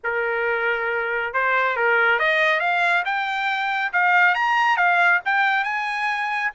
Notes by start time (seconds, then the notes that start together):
0.03 A#4
1.33 C5
1.76 A#4
2.19 D#5
2.59 F5
3.05 G5
3.92 F5
4.34 A#5
4.76 F5
5.25 G5
5.64 G#5